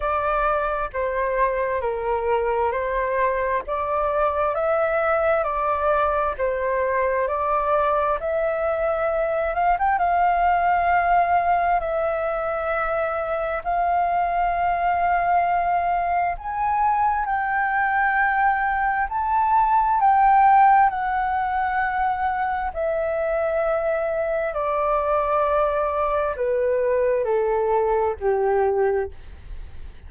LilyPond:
\new Staff \with { instrumentName = "flute" } { \time 4/4 \tempo 4 = 66 d''4 c''4 ais'4 c''4 | d''4 e''4 d''4 c''4 | d''4 e''4. f''16 g''16 f''4~ | f''4 e''2 f''4~ |
f''2 gis''4 g''4~ | g''4 a''4 g''4 fis''4~ | fis''4 e''2 d''4~ | d''4 b'4 a'4 g'4 | }